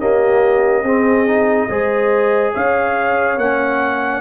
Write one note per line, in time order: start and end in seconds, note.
0.00 0.85 A#3
0.00 0.83 C#4
0.00 0.83 G4
0.00 2.54 D#5
0.83 1.68 C4
0.83 1.27 C4
0.83 1.67 G#4
1.27 1.69 D#4
1.70 2.54 G#3
1.70 3.39 G#4
1.70 2.54 C5
2.54 3.38 C#4
2.54 4.22 C#5
2.54 3.39 F5
3.38 4.22 A#3
3.38 4.22 C#4
3.38 4.22 F#5